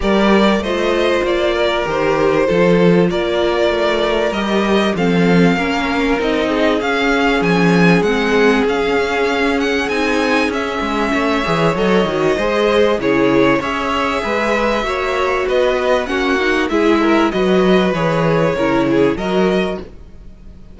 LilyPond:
<<
  \new Staff \with { instrumentName = "violin" } { \time 4/4 \tempo 4 = 97 d''4 dis''4 d''4 c''4~ | c''4 d''2 dis''4 | f''2 dis''4 f''4 | gis''4 fis''4 f''4. fis''8 |
gis''4 e''2 dis''4~ | dis''4 cis''4 e''2~ | e''4 dis''4 fis''4 e''4 | dis''4 cis''2 dis''4 | }
  \new Staff \with { instrumentName = "violin" } { \time 4/4 ais'4 c''4. ais'4. | a'4 ais'2. | a'4 ais'4. gis'4.~ | gis'1~ |
gis'2 cis''2 | c''4 gis'4 cis''4 b'4 | cis''4 b'4 fis'4 gis'8 ais'8 | b'2 ais'8 gis'8 ais'4 | }
  \new Staff \with { instrumentName = "viola" } { \time 4/4 g'4 f'2 g'4 | f'2. g'4 | c'4 cis'4 dis'4 cis'4~ | cis'4 c'4 cis'2 |
dis'4 cis'4. gis'8 a'8 fis'8 | gis'4 e'4 gis'2 | fis'2 cis'8 dis'8 e'4 | fis'4 gis'4 e'4 fis'4 | }
  \new Staff \with { instrumentName = "cello" } { \time 4/4 g4 a4 ais4 dis4 | f4 ais4 a4 g4 | f4 ais4 c'4 cis'4 | f4 gis4 cis'2 |
c'4 cis'8 gis8 a8 e8 fis8 dis8 | gis4 cis4 cis'4 gis4 | ais4 b4 ais4 gis4 | fis4 e4 cis4 fis4 | }
>>